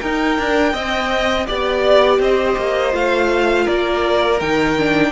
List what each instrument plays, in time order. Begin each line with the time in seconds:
0.00 cello D#4, viola D#4, violin A#4 G5
0.38 cello D4, viola D4
0.73 cello C4, viola C4, violin D#5
1.46 cello B3, viola G4, violin D5
2.19 cello C4, violin C5 D#5
2.57 cello A#3
2.91 cello A3, viola F4, violin F5
3.64 cello A#3, violin A#4 D5
4.40 cello D#3, viola D#4, violin G5
4.79 viola D4